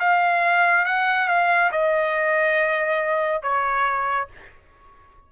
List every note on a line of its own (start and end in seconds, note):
0.00 0.85 F5
0.85 1.28 F#5
1.28 1.71 F5
1.72 3.42 D#5
3.42 4.28 C#5